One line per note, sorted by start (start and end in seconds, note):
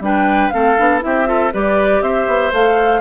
0.00 0.50 G3
0.00 0.52 D4
0.00 0.53 B4
0.00 0.49 G5
0.49 0.78 A3
0.49 0.77 C4
0.49 1.03 A4
0.49 0.99 F5
0.77 1.03 B3
0.77 1.00 D4
1.00 1.54 C4
1.00 1.25 E4
1.00 1.28 G4
1.00 1.53 E5
1.25 1.50 F4
1.25 1.53 A4
1.53 2.02 G3
1.53 2.52 G4
1.53 2.02 B4
1.53 2.02 D5
2.02 2.27 C4
2.02 3.01 C5
2.02 2.52 E5
2.27 2.52 B3
2.52 3.01 A3
2.52 3.01 A4
2.52 3.01 F5